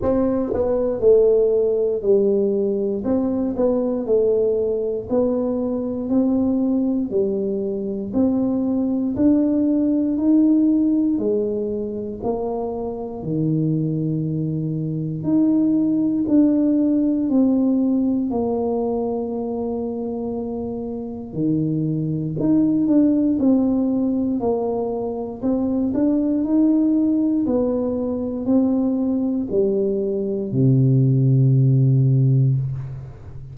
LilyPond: \new Staff \with { instrumentName = "tuba" } { \time 4/4 \tempo 4 = 59 c'8 b8 a4 g4 c'8 b8 | a4 b4 c'4 g4 | c'4 d'4 dis'4 gis4 | ais4 dis2 dis'4 |
d'4 c'4 ais2~ | ais4 dis4 dis'8 d'8 c'4 | ais4 c'8 d'8 dis'4 b4 | c'4 g4 c2 | }